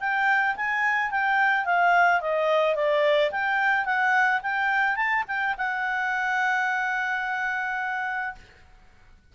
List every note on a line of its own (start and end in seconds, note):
0.00 0.56 G5
0.56 1.11 G#5
1.11 1.65 G5
1.65 2.21 F5
2.21 2.76 D#5
2.76 3.31 D5
3.31 3.85 G5
3.85 4.41 F#5
4.42 4.96 G5
4.96 5.24 A5
5.28 5.56 G5
5.58 8.35 F#5